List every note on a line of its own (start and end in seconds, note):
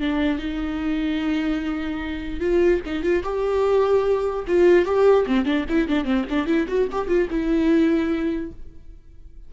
0.00 0.39 D4
0.39 2.40 D#4
2.40 2.81 F4
2.86 3.03 D#4
3.03 3.23 F4
3.24 4.45 G4
4.48 4.86 F4
4.86 5.26 G4
5.27 5.46 C4
5.46 5.66 D4
5.69 5.88 E4
5.88 6.05 D4
6.05 6.25 C4
6.30 6.47 D4
6.47 6.67 E4
6.68 6.88 F#4
6.92 7.08 G4
7.08 7.28 F4
7.30 8.52 E4